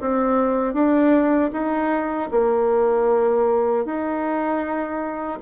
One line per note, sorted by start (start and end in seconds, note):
0.00 0.73 C4
0.73 1.50 D4
1.52 2.29 D#4
2.31 3.85 A#3
3.85 5.38 D#4